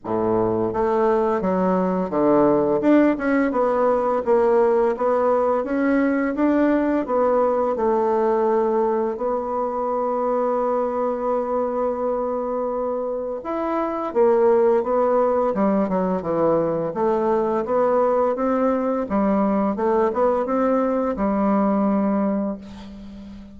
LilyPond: \new Staff \with { instrumentName = "bassoon" } { \time 4/4 \tempo 4 = 85 a,4 a4 fis4 d4 | d'8 cis'8 b4 ais4 b4 | cis'4 d'4 b4 a4~ | a4 b2.~ |
b2. e'4 | ais4 b4 g8 fis8 e4 | a4 b4 c'4 g4 | a8 b8 c'4 g2 | }